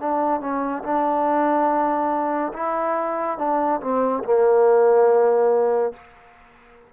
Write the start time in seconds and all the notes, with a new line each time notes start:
0.00 D4
0.41 C#4
0.84 D4
2.54 E4
3.39 D4
3.81 C4
4.24 A#3